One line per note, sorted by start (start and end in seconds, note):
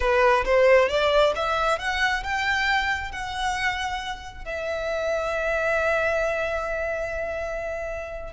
0.00 0.44 B4
0.44 0.88 C5
0.88 1.33 D5
1.35 1.78 E5
1.78 2.23 F#5
2.23 3.11 G5
3.11 4.44 F#5
4.44 8.33 E5